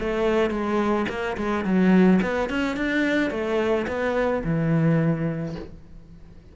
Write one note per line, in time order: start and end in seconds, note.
0.00 0.51 A3
0.51 1.06 G#3
1.09 1.37 A#3
1.37 1.65 G#3
1.65 2.20 F#3
2.22 2.49 B3
2.49 2.77 C#4
2.77 3.31 D4
3.31 3.87 A3
3.88 4.43 B3
4.44 5.56 E3